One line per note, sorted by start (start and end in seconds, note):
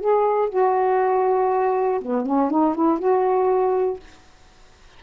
0.00 0.49 G#4
0.49 2.01 F#4
2.01 2.26 B3
2.26 2.50 C#4
2.50 2.75 D#4
2.75 2.99 E4
2.99 3.99 F#4